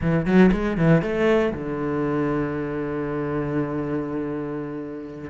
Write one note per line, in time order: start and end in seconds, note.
0.01 0.25 E3
0.25 0.50 F#3
0.52 0.77 G#3
0.77 1.02 E3
1.02 1.52 A3
1.53 5.29 D3